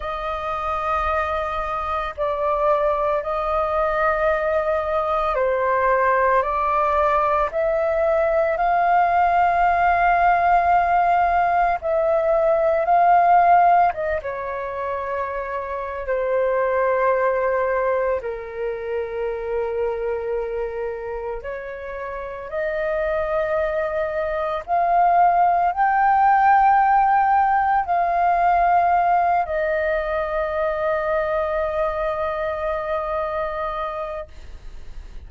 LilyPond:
\new Staff \with { instrumentName = "flute" } { \time 4/4 \tempo 4 = 56 dis''2 d''4 dis''4~ | dis''4 c''4 d''4 e''4 | f''2. e''4 | f''4 dis''16 cis''4.~ cis''16 c''4~ |
c''4 ais'2. | cis''4 dis''2 f''4 | g''2 f''4. dis''8~ | dis''1 | }